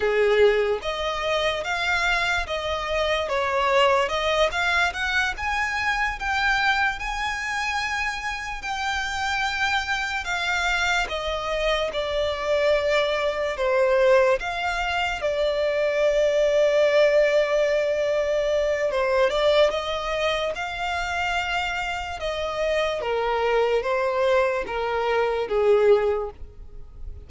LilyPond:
\new Staff \with { instrumentName = "violin" } { \time 4/4 \tempo 4 = 73 gis'4 dis''4 f''4 dis''4 | cis''4 dis''8 f''8 fis''8 gis''4 g''8~ | g''8 gis''2 g''4.~ | g''8 f''4 dis''4 d''4.~ |
d''8 c''4 f''4 d''4.~ | d''2. c''8 d''8 | dis''4 f''2 dis''4 | ais'4 c''4 ais'4 gis'4 | }